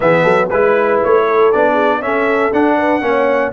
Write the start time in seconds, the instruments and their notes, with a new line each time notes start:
0.00 tuba E3, trombone B3, horn G#4, trumpet E5
0.22 tuba F#3, horn A4
0.49 tuba G#3, trombone E4, trumpet B4, horn B4
1.03 tuba A3, trumpet C#5
1.26 horn A4
1.52 tuba B3, trombone D4, trumpet D5
1.72 horn G#4
2.00 tuba C#4, trombone C#4, horn A4, trumpet E5
2.52 tuba D4, trombone D4, trumpet F#5
2.77 horn B4
3.01 tuba A#3, trombone C#4, horn C#5